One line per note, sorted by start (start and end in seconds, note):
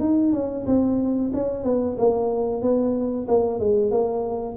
0.00 0.33 D#4
0.33 0.66 C#4
0.66 1.32 C4
1.33 1.64 C#4
1.64 1.97 B3
1.98 2.62 A#3
2.62 3.27 B3
3.28 3.60 A#3
3.60 3.91 G#3
3.91 4.57 A#3